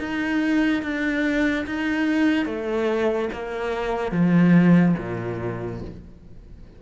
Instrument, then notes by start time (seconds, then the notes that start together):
cello
0.00 D#4
0.83 D4
1.67 D#4
2.46 A3
3.33 A#3
4.12 F3
4.98 A#2